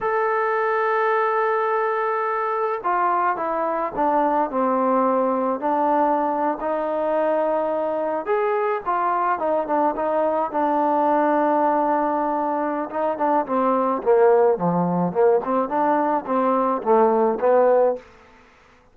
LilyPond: \new Staff \with { instrumentName = "trombone" } { \time 4/4 \tempo 4 = 107 a'1~ | a'4 f'4 e'4 d'4 | c'2 d'4.~ d'16 dis'16~ | dis'2~ dis'8. gis'4 f'16~ |
f'8. dis'8 d'8 dis'4 d'4~ d'16~ | d'2. dis'8 d'8 | c'4 ais4 f4 ais8 c'8 | d'4 c'4 a4 b4 | }